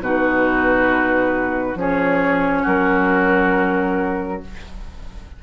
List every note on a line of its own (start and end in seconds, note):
0.00 1.75 B2
0.00 1.76 D#4
0.00 1.78 F#4
0.00 1.78 B4
1.75 2.63 F3
1.75 4.41 C#4
1.75 2.62 G#4
1.75 2.66 C#5
2.62 4.42 F#3
2.62 4.39 F#4
2.62 4.43 A#4